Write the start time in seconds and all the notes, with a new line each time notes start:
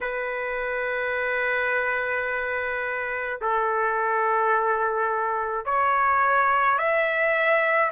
0.01 B4
3.41 A4
5.64 C#5
6.78 E5